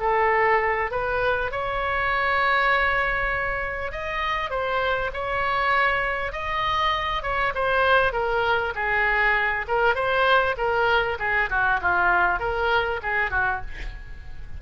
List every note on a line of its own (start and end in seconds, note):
0.00 0.91 A4
0.91 1.52 B4
1.52 3.92 C#5
3.92 4.50 D#5
4.50 5.11 C5
5.13 6.33 C#5
6.33 7.23 D#5
7.23 7.53 C#5
7.55 8.13 C5
8.13 8.73 A#4
8.75 9.66 G#4
9.68 9.95 A#4
9.95 10.56 C5
10.58 11.18 A#4
11.19 11.49 G#4
11.50 11.80 F#4
11.81 12.40 F4
12.40 13.00 A#4
13.03 13.31 G#4
13.31 13.61 F#4